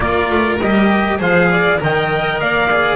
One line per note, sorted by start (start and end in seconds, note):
0.00 0.29 A#3
0.00 0.59 F4
0.00 1.19 A#4
0.00 0.59 D5
0.29 0.59 A3
0.60 1.20 G3
0.60 1.18 G4
0.60 1.21 D#5
1.18 1.80 F3
1.18 1.78 G#4
1.18 1.49 C5
1.18 1.81 F5
1.50 1.80 D5
1.78 2.41 D#3
1.78 2.68 A#4
1.78 2.41 D#5
1.78 2.40 G5
2.40 2.96 A#3
2.40 2.96 D5
2.40 2.96 F5
2.70 2.96 G#4